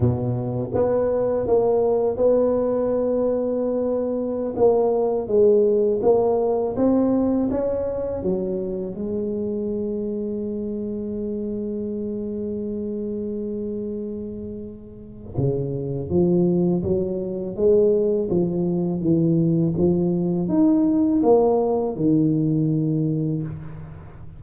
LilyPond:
\new Staff \with { instrumentName = "tuba" } { \time 4/4 \tempo 4 = 82 b,4 b4 ais4 b4~ | b2~ b16 ais4 gis8.~ | gis16 ais4 c'4 cis'4 fis8.~ | fis16 gis2.~ gis8.~ |
gis1~ | gis4 cis4 f4 fis4 | gis4 f4 e4 f4 | dis'4 ais4 dis2 | }